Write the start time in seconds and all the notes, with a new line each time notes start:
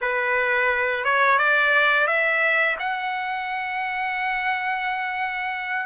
0.01 B4
1.04 C#5
1.38 D5
2.07 E5
2.79 F#5